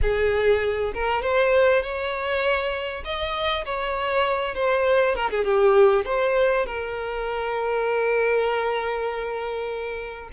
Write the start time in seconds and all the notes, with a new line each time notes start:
0.02 G#4
0.93 A#4
1.21 C5
1.82 C#5
3.04 D#5
3.65 C#5
4.55 C5
5.15 A#4
5.30 G#4
5.44 G4
6.05 C5
6.66 A#4